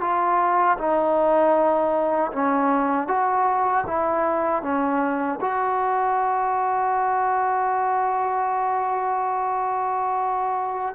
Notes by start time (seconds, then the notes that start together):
0.00 F4
0.78 D#4
2.32 C#4
3.07 F#4
3.86 E4
4.62 C#4
5.41 F#4